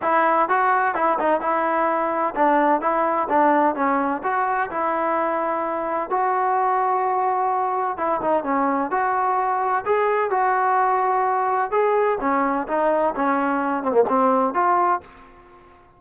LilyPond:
\new Staff \with { instrumentName = "trombone" } { \time 4/4 \tempo 4 = 128 e'4 fis'4 e'8 dis'8 e'4~ | e'4 d'4 e'4 d'4 | cis'4 fis'4 e'2~ | e'4 fis'2.~ |
fis'4 e'8 dis'8 cis'4 fis'4~ | fis'4 gis'4 fis'2~ | fis'4 gis'4 cis'4 dis'4 | cis'4. c'16 ais16 c'4 f'4 | }